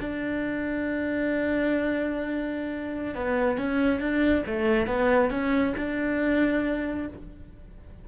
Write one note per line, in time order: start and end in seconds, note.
0.00 3.14 D4
3.14 3.58 B3
3.58 4.00 C#4
4.00 4.44 D4
4.46 4.87 A3
4.87 5.30 B3
5.30 5.74 C#4
5.77 7.08 D4